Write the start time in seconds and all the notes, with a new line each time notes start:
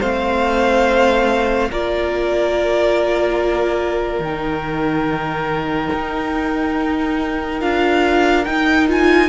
0.00 A3 C4 C5 F5
1.71 A#3 F4 A#4 D5
4.20 D#3 D#4 G5
5.93 D#4
7.61 D4 F4 F5
8.45 D#4 G5
8.89 F4 G#5